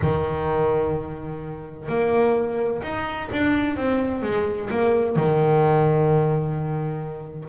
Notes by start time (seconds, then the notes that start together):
0.01 D#3
1.88 A#3
2.82 D#4
3.32 D4
3.76 C4
4.22 G#3
4.70 A#3
5.15 D#3